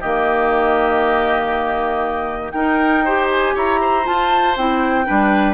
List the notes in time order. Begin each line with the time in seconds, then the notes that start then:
0.00 D#3 A#3 G4 D#5
2.51 D#4 A#4 G5
3.05 G4 C5
3.31 G#5
3.55 E4 C#5 A#5
3.81 C5
4.03 F4 A5
4.57 C4 E4 G5
5.05 G3 D4 B4